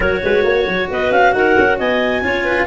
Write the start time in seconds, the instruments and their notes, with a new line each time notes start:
0.00 tuba F#3, cello F#4, clarinet A#4 C#5
0.23 tuba G#3, clarinet B4
0.43 tuba A#3, clarinet C#5
0.66 tuba F#3
0.89 tuba B3, clarinet B4 D#5
1.10 tuba C#4, clarinet F5
1.32 tuba D#4, clarinet A#4 F#5
1.58 tuba C#4
1.78 tuba B3, clarinet D#5 G#5
2.21 tuba C#4, cello F4, clarinet C#5
2.44 clarinet B4